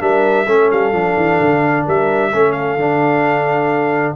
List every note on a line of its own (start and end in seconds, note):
0.00 0.47 G3
0.00 0.46 D4
0.00 0.47 A#4
0.00 0.71 E5
0.47 0.71 A3
0.47 0.94 C#4
0.47 1.85 A4
0.72 0.93 G3
0.72 1.87 F5
0.93 1.16 F3
0.93 2.32 D4
1.17 1.40 E3
1.41 1.87 D3
1.85 2.33 G3
1.85 2.31 A#4
1.85 2.52 E5
2.33 2.77 A3
2.33 2.80 C#4
2.33 4.16 A4
2.52 4.14 F5
2.77 4.15 D3
2.77 4.16 D4